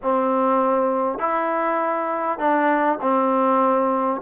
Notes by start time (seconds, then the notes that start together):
0.02 C4
1.18 E4
2.38 D4
3.01 C4